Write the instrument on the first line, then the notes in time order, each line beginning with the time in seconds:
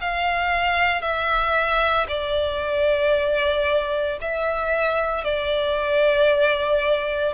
violin
0.00 F5
1.01 E5
2.08 D5
4.21 E5
5.23 D5